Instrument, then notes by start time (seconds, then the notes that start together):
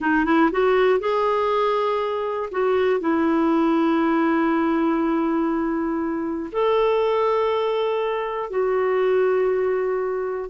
clarinet
0.00 D#4
0.25 E4
0.51 F#4
0.99 G#4
2.51 F#4
3.00 E4
6.51 A4
8.50 F#4